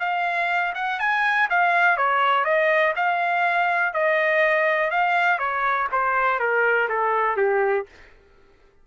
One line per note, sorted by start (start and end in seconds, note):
0.00 0.74 F5
0.75 0.99 F#5
1.00 1.49 G#5
1.50 1.97 F5
1.97 2.45 C#5
2.45 2.94 D#5
2.96 3.93 F5
3.93 4.91 D#5
4.91 5.39 F5
5.39 5.88 C#5
5.92 6.40 C5
6.40 6.89 A#4
6.89 7.37 A4
7.37 7.86 G4